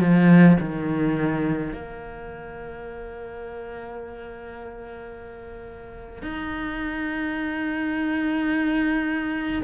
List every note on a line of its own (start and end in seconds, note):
0.00 0.57 F3
0.60 1.72 D#3
1.72 6.22 A#3
6.22 9.62 D#4